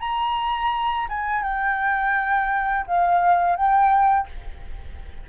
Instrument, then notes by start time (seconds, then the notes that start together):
flute
0.00 A#5
1.08 G#5
1.43 G5
2.87 F5
3.56 G5